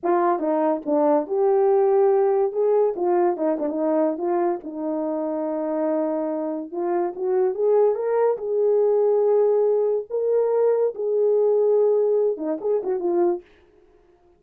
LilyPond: \new Staff \with { instrumentName = "horn" } { \time 4/4 \tempo 4 = 143 f'4 dis'4 d'4 g'4~ | g'2 gis'4 f'4 | dis'8 d'16 dis'4~ dis'16 f'4 dis'4~ | dis'1 |
f'4 fis'4 gis'4 ais'4 | gis'1 | ais'2 gis'2~ | gis'4. dis'8 gis'8 fis'8 f'4 | }